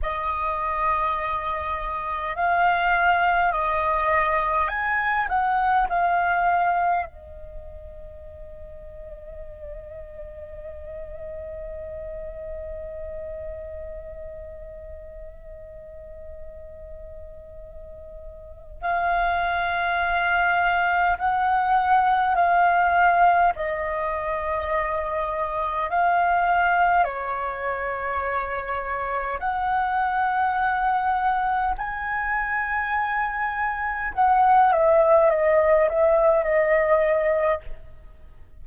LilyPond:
\new Staff \with { instrumentName = "flute" } { \time 4/4 \tempo 4 = 51 dis''2 f''4 dis''4 | gis''8 fis''8 f''4 dis''2~ | dis''1~ | dis''1 |
f''2 fis''4 f''4 | dis''2 f''4 cis''4~ | cis''4 fis''2 gis''4~ | gis''4 fis''8 e''8 dis''8 e''8 dis''4 | }